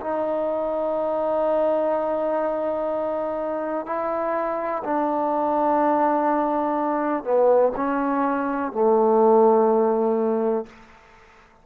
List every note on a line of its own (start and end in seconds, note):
0.00 3.86 D#4
3.86 4.83 E4
4.84 7.24 D4
7.24 7.72 B3
7.76 8.72 C#4
8.72 10.66 A3